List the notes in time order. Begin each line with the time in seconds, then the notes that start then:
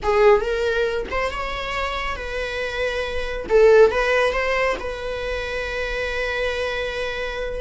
0.02 G#4
0.41 A#4
1.10 C5
1.31 C#5
2.16 B4
3.49 A4
3.91 B4
4.32 C5
4.79 B4